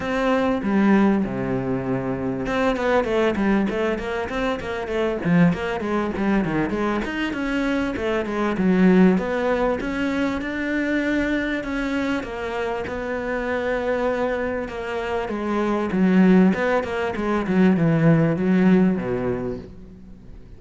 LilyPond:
\new Staff \with { instrumentName = "cello" } { \time 4/4 \tempo 4 = 98 c'4 g4 c2 | c'8 b8 a8 g8 a8 ais8 c'8 ais8 | a8 f8 ais8 gis8 g8 dis8 gis8 dis'8 | cis'4 a8 gis8 fis4 b4 |
cis'4 d'2 cis'4 | ais4 b2. | ais4 gis4 fis4 b8 ais8 | gis8 fis8 e4 fis4 b,4 | }